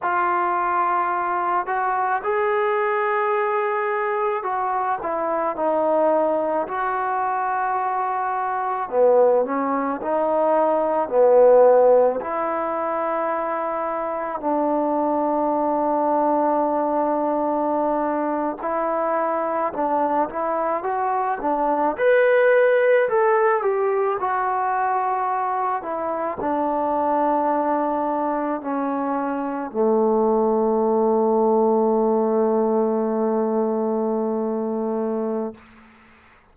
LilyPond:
\new Staff \with { instrumentName = "trombone" } { \time 4/4 \tempo 4 = 54 f'4. fis'8 gis'2 | fis'8 e'8 dis'4 fis'2 | b8 cis'8 dis'4 b4 e'4~ | e'4 d'2.~ |
d'8. e'4 d'8 e'8 fis'8 d'8 b'16~ | b'8. a'8 g'8 fis'4. e'8 d'16~ | d'4.~ d'16 cis'4 a4~ a16~ | a1 | }